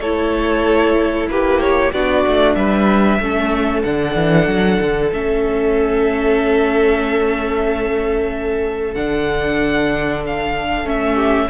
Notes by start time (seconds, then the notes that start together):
0.00 A3 E4 A4 C#5
1.29 A#3 G4 B4
1.61 C#5
1.93 B3 D4 F#4 D5
2.28 A3
2.55 G3 B4 E5
3.20 A3 C#4 A4
3.83 D3 D4 F#5
4.16 E3
4.48 F#3
4.81 D3
5.13 A3 C#4 E5
8.95 D3 D4 F#5
10.27 F5
10.85 A3 C#4 E5
11.14 G4